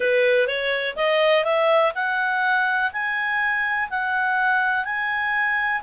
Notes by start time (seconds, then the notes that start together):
0.00 B4
0.47 C#5
0.96 D#5
1.44 E5
1.95 F#5
2.92 G#5
3.90 F#5
4.85 G#5